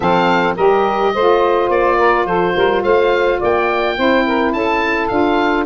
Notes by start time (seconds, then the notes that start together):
0.00 F3 C4 A4 F5
0.55 G3 G4 A#4 D#5
1.14 A3 F4 C5
1.69 A#3 D5
1.97 A#4
2.25 F3 A4 C5
2.55 G3 A#4
2.83 A3 C5 F5
3.39 A#3 D5 G5
3.96 C4 E4 C5
4.26 A#4
4.52 C#4 A4 A5
5.08 D4 F4 F5